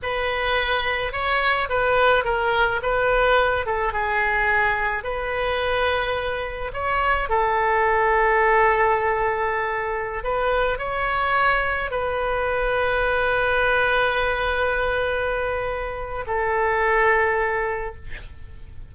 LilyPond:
\new Staff \with { instrumentName = "oboe" } { \time 4/4 \tempo 4 = 107 b'2 cis''4 b'4 | ais'4 b'4. a'8 gis'4~ | gis'4 b'2. | cis''4 a'2.~ |
a'2~ a'16 b'4 cis''8.~ | cis''4~ cis''16 b'2~ b'8.~ | b'1~ | b'4 a'2. | }